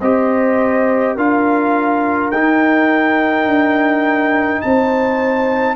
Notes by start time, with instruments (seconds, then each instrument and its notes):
0.00 tuba C4, trombone G4, horn C5, trumpet D#5
1.15 tuba D4, trombone F4, horn A#4, trumpet F5
2.30 tuba D#4, trombone D#4, trumpet G5
3.45 tuba D4
4.61 tuba C4, horn C5, trumpet A5